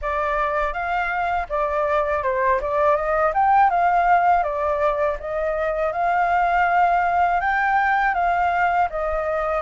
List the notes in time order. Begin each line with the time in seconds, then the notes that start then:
0.01 D5
0.73 F5
1.49 D5
2.23 C5
2.61 D5
2.96 D#5
3.34 G5
3.70 F5
4.43 D5
5.19 D#5
5.92 F5
7.40 G5
8.14 F5
8.90 D#5